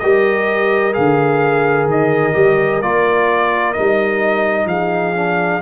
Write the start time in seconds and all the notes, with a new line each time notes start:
0.00 G3 G4 A#4 D#5
0.93 D3 G#4 F5
1.86 D#3 D#5
2.33 G3 G4
2.82 A#3 F4 D5
3.74 G3 D#4 D#5
4.66 F3 G#4 F5
5.16 D4